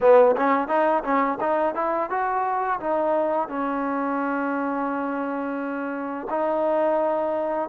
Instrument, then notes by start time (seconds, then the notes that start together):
trombone
0.00 B3
0.36 C#4
0.68 D#4
1.03 C#4
1.40 D#4
1.74 E4
2.10 F#4
2.80 D#4
3.48 C#4
6.29 D#4